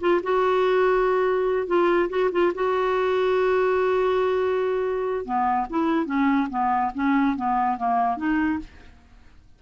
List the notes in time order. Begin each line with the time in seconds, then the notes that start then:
0.00 F4
0.23 F#4
1.67 F4
2.09 F#4
2.32 F4
2.55 F#4
5.25 B3
5.70 E4
6.06 C#4
6.50 B3
6.94 C#4
7.36 B3
7.78 A#3
8.17 D#4